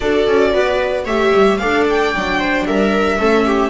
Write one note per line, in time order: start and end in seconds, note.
0.00 0.27 D4
0.00 1.05 F#4
0.00 0.52 A4
0.00 1.04 D5
0.27 0.53 C#4
0.52 1.06 B3
0.52 1.04 B4
1.04 1.32 A3
1.04 1.60 G4
1.04 1.57 C#5
1.04 1.57 E5
1.33 1.59 G3
1.57 2.14 D4
1.57 2.13 A4
1.57 2.38 D5
1.57 1.84 F5
1.89 2.66 G5
2.14 2.65 F#3
2.14 3.19 D4
2.38 2.65 C5
2.65 3.18 G3
2.65 3.18 A#4
2.65 3.70 E5
3.18 3.70 A3
3.18 3.70 C#4
3.18 3.45 A4
3.45 3.70 G4